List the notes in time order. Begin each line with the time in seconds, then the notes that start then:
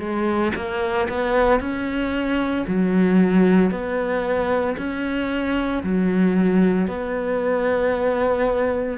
0.00 G#3
0.56 A#3
1.09 B3
1.60 C#4
2.67 F#3
3.71 B3
4.78 C#4
5.83 F#3
6.88 B3